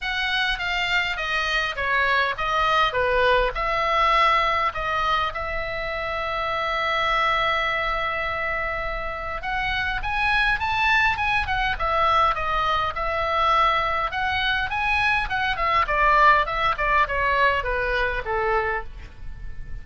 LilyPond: \new Staff \with { instrumentName = "oboe" } { \time 4/4 \tempo 4 = 102 fis''4 f''4 dis''4 cis''4 | dis''4 b'4 e''2 | dis''4 e''2.~ | e''1 |
fis''4 gis''4 a''4 gis''8 fis''8 | e''4 dis''4 e''2 | fis''4 gis''4 fis''8 e''8 d''4 | e''8 d''8 cis''4 b'4 a'4 | }